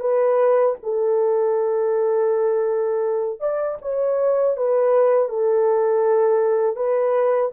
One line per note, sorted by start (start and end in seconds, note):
0.00 0.75 B4
0.83 3.40 A4
3.40 3.78 D5
3.82 4.57 C#5
4.57 5.29 B4
5.29 6.76 A4
6.76 7.51 B4